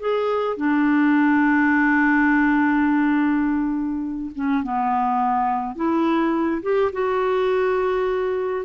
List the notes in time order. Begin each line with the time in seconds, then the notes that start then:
0.00 G#4
0.57 D4
4.36 C#4
4.64 B3
5.76 E4
6.63 G4
6.93 F#4